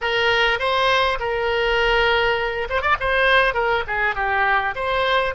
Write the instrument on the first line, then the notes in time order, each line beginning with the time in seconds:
oboe
0.01 A#4
0.59 C5
1.19 A#4
2.69 C5
2.81 D5
2.99 C5
3.53 A#4
3.87 G#4
4.15 G4
4.75 C5